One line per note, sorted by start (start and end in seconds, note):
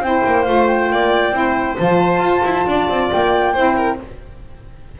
0.00 0.22 C4
0.00 0.45 E4
0.00 0.92 C5
0.00 0.42 G5
0.26 0.47 A#3
0.42 0.91 A3
0.42 1.31 F4
0.42 0.65 F5
0.66 1.76 G5
0.91 1.31 A#3
0.91 1.36 D5
1.31 1.75 C4
1.31 1.75 E4
1.31 2.68 C5
1.77 2.19 F3
1.77 3.54 F4
1.77 3.10 A5
2.19 2.41 F4
2.44 2.66 E4
2.66 2.88 D4
2.66 3.53 D5
2.88 3.10 C4
3.11 3.56 A#3
3.11 4.00 G5
3.53 4.00 C4
3.53 3.98 E4
3.53 3.75 C5
3.76 3.98 A#4